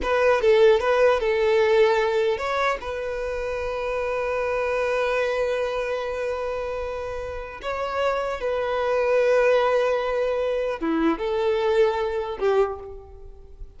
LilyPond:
\new Staff \with { instrumentName = "violin" } { \time 4/4 \tempo 4 = 150 b'4 a'4 b'4 a'4~ | a'2 cis''4 b'4~ | b'1~ | b'1~ |
b'2. cis''4~ | cis''4 b'2.~ | b'2. e'4 | a'2. g'4 | }